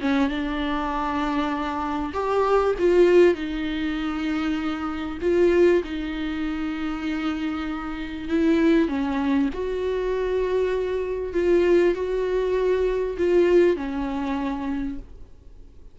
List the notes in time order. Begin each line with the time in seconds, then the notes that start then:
0.00 C#4
0.29 D4
2.13 G4
2.79 F4
3.35 D#4
5.21 F4
5.84 D#4
8.28 E4
8.88 C#4
9.53 F#4
11.33 F4
11.94 F#4
13.18 F4
13.76 C#4